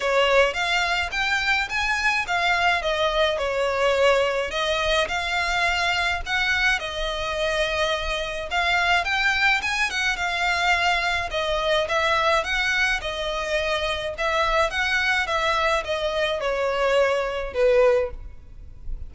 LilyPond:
\new Staff \with { instrumentName = "violin" } { \time 4/4 \tempo 4 = 106 cis''4 f''4 g''4 gis''4 | f''4 dis''4 cis''2 | dis''4 f''2 fis''4 | dis''2. f''4 |
g''4 gis''8 fis''8 f''2 | dis''4 e''4 fis''4 dis''4~ | dis''4 e''4 fis''4 e''4 | dis''4 cis''2 b'4 | }